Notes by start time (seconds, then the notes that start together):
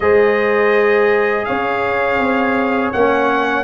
0.00 G#3 G#4 C5 D#5
1.44 C#4 C#5 F5
2.18 C4
2.92 A#3 C#4 F#5